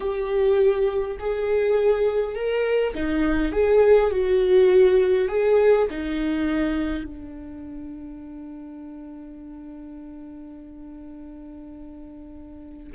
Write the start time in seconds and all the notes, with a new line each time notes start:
0.00 G4
1.19 G#4
2.35 A#4
2.94 D#4
3.52 G#4
4.10 F#4
5.28 G#4
5.90 D#4
7.04 D4